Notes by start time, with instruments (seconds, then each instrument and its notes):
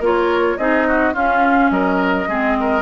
0.00 bassoon A#3, clarinet F4, oboe A#4, flute C#5
0.57 bassoon C4, clarinet D#4, oboe G#4, flute D#5
0.88 oboe F#4
1.13 clarinet C#4, bassoon C#4, oboe F4, flute F5
1.71 bassoon F#3, oboe A#4, flute D#5
2.28 bassoon G#3, clarinet C4, oboe G#4
2.60 oboe A#4